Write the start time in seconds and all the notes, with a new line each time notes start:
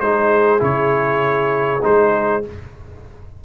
0.00 G#3 D#4 G#4 C5
0.59 C#3 E4 C#5
1.82 G#3 D#4 C5